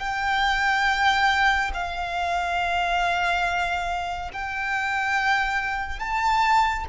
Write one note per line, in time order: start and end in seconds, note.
0.00 1.71 G5
1.74 4.31 F5
4.34 6.00 G5
6.00 6.85 A5